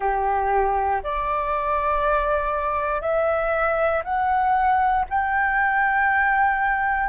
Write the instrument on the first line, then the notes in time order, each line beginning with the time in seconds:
flute
0.00 G4
1.03 D5
3.01 E5
4.04 F#5
5.09 G5